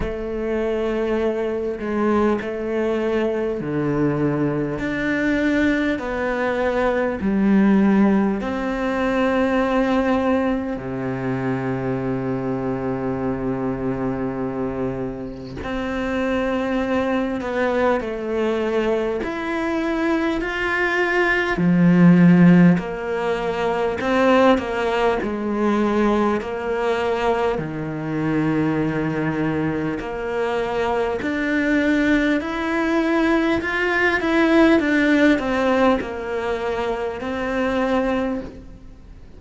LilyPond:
\new Staff \with { instrumentName = "cello" } { \time 4/4 \tempo 4 = 50 a4. gis8 a4 d4 | d'4 b4 g4 c'4~ | c'4 c2.~ | c4 c'4. b8 a4 |
e'4 f'4 f4 ais4 | c'8 ais8 gis4 ais4 dis4~ | dis4 ais4 d'4 e'4 | f'8 e'8 d'8 c'8 ais4 c'4 | }